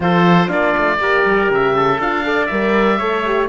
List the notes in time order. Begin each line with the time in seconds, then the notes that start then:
0.00 F3 F4 A4 C5
0.48 A#3 D4 F4 D5
0.77 A3
0.98 A#3 G4 A#4
1.24 G3
1.50 C#3 E5
1.76 A4
1.99 D4 F4 F5
2.24 A4 D5
2.46 G3 A#4 E5
2.98 A3 A4 C#5
3.25 G4